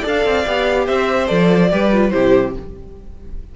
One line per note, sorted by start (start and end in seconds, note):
0.00 0.25 D4
0.00 0.45 A4
0.00 0.83 D5
0.07 0.87 F5
0.25 0.46 C4
0.46 0.88 B3
0.46 1.28 G4
0.87 1.30 C4
0.87 1.70 C5
0.87 1.27 E5
1.27 1.72 F3
1.27 1.69 A4
1.27 2.10 D5
1.71 2.13 G3
1.71 1.92 G4
1.71 2.13 B4
1.92 2.11 F4
2.10 2.56 C3
2.10 2.53 E4
2.10 2.54 G4
2.10 2.52 C5